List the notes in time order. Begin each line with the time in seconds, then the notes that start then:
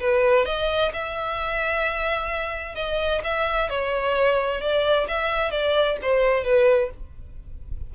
0.00 B4
0.46 D#5
0.93 E5
2.75 D#5
3.24 E5
3.70 C#5
4.61 D5
5.08 E5
5.51 D5
6.02 C5
6.44 B4